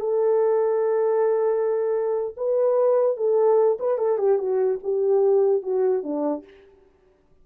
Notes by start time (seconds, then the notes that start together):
0.00 A4
2.37 B4
3.17 A4
3.80 B4
3.98 A4
4.18 G4
4.38 F#4
4.83 G4
5.62 F#4
6.03 D4